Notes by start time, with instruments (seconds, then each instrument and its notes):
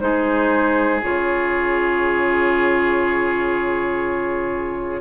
0.00 bassoon G#3, clarinet D#4, oboe G#4, flute C5
1.02 bassoon C#3, clarinet F4, flute C#5